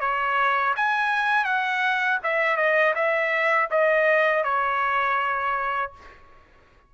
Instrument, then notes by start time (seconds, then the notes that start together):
trumpet
0.00 C#5
0.76 G#5
1.44 F#5
2.23 E5
2.57 D#5
2.95 E5
3.71 D#5
4.44 C#5